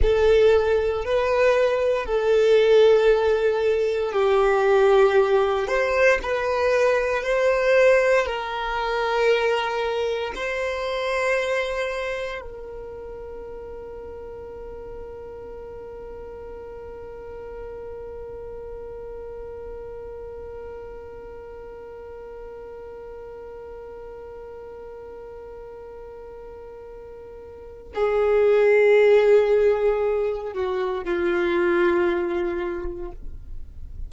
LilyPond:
\new Staff \with { instrumentName = "violin" } { \time 4/4 \tempo 4 = 58 a'4 b'4 a'2 | g'4. c''8 b'4 c''4 | ais'2 c''2 | ais'1~ |
ais'1~ | ais'1~ | ais'2. gis'4~ | gis'4. fis'8 f'2 | }